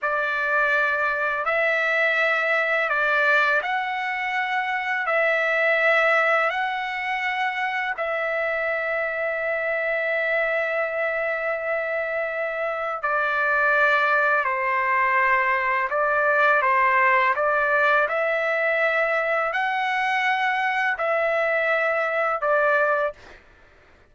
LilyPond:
\new Staff \with { instrumentName = "trumpet" } { \time 4/4 \tempo 4 = 83 d''2 e''2 | d''4 fis''2 e''4~ | e''4 fis''2 e''4~ | e''1~ |
e''2 d''2 | c''2 d''4 c''4 | d''4 e''2 fis''4~ | fis''4 e''2 d''4 | }